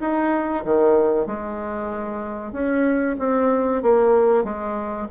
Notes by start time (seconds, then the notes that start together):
0.00 D#4
0.64 D#3
1.26 G#3
2.52 C#4
3.19 C4
3.82 A#3
4.44 G#3